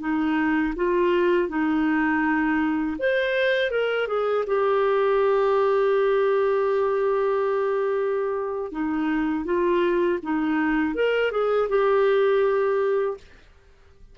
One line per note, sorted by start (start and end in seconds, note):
0.00 0.74 D#4
0.76 1.49 F4
1.49 2.97 D#4
2.99 3.71 C5
3.71 4.08 A#4
4.08 4.45 G#4
4.47 8.72 G4
8.72 9.45 D#4
9.45 10.20 F4
10.23 10.95 D#4
10.95 11.32 A#4
11.32 11.69 G#4
11.70 13.18 G4